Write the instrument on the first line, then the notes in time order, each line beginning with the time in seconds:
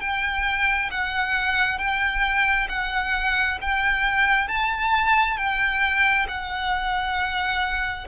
violin
0.00 G5
0.90 F#5
1.78 G5
2.68 F#5
3.61 G5
4.47 A5
5.36 G5
6.28 F#5